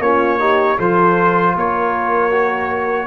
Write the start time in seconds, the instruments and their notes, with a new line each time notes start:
0.00 tuba A#3, trombone C#4, horn F4, trumpet C#5
0.39 trombone D#4, horn G4
0.77 tuba F3, trombone F4, horn A4, trumpet C5
1.56 tuba A#3, horn A#4, trumpet C#5
2.31 trombone F#4